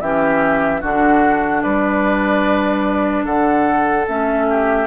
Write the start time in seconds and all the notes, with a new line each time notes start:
0.00 E3 C#4 G4 E5
0.80 D3 D4 F#4 F#5
1.62 G3 B4 D5
3.24 D3 A4 F#5
4.07 A3 C#4 E5
4.49 G4